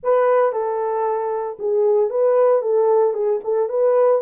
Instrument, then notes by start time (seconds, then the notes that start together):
horn
0.03 B4
0.52 A4
1.59 G#4
2.10 B4
2.61 A4
3.13 G#4
3.44 A4
3.69 B4